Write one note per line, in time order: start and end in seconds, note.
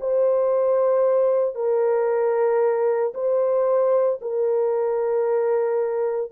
0.00 1.55 C5
1.55 3.12 A#4
3.14 4.19 C5
4.21 6.31 A#4